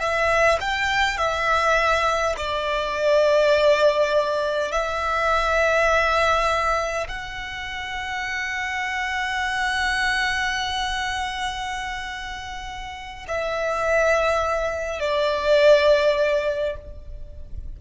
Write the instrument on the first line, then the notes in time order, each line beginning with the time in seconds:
violin
0.00 E5
0.61 G5
1.18 E5
2.37 D5
4.72 E5
7.09 F#5
13.28 E5
15.01 D5